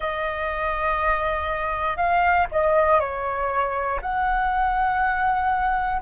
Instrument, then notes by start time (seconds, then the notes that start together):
flute
0.00 D#5
1.96 F5
2.51 D#5
3.00 C#5
4.01 F#5